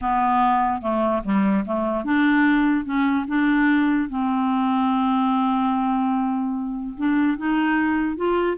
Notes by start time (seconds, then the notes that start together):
0.01 B3
0.81 A3
1.24 G3
1.65 A3
2.04 D4
2.84 C#4
3.27 D4
4.09 C4
6.97 D4
7.37 D#4
8.16 F4